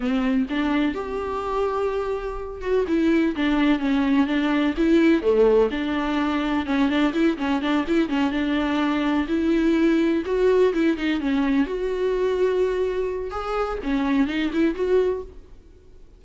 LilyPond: \new Staff \with { instrumentName = "viola" } { \time 4/4 \tempo 4 = 126 c'4 d'4 g'2~ | g'4. fis'8 e'4 d'4 | cis'4 d'4 e'4 a4 | d'2 cis'8 d'8 e'8 cis'8 |
d'8 e'8 cis'8 d'2 e'8~ | e'4. fis'4 e'8 dis'8 cis'8~ | cis'8 fis'2.~ fis'8 | gis'4 cis'4 dis'8 e'8 fis'4 | }